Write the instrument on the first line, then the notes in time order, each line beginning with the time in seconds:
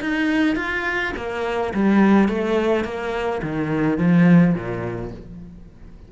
cello
0.00 D#4
0.56 F4
1.16 A#3
1.74 G3
2.28 A3
2.84 A#3
3.42 D#3
3.98 F3
4.54 A#2